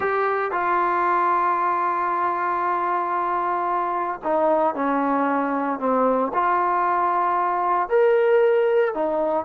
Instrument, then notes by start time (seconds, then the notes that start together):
trombone
0.00 G4
0.51 F4
4.24 D#4
4.74 C#4
5.79 C4
6.33 F4
7.89 A#4
8.94 D#4